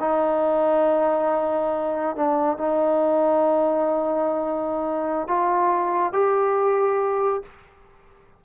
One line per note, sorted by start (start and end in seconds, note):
0.00 2.16 D#4
2.16 2.58 D4
2.58 5.27 D#4
5.28 6.13 F4
6.13 7.42 G4